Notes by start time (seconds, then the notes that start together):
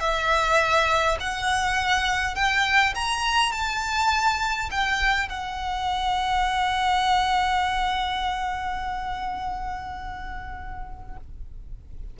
0.00 E5
1.20 F#5
2.35 G5
2.95 A#5
3.52 A5
4.71 G5
5.29 F#5